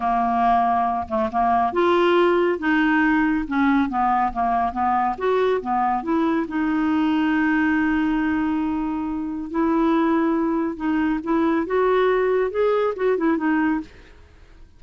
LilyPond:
\new Staff \with { instrumentName = "clarinet" } { \time 4/4 \tempo 4 = 139 ais2~ ais8 a8 ais4 | f'2 dis'2 | cis'4 b4 ais4 b4 | fis'4 b4 e'4 dis'4~ |
dis'1~ | dis'2 e'2~ | e'4 dis'4 e'4 fis'4~ | fis'4 gis'4 fis'8 e'8 dis'4 | }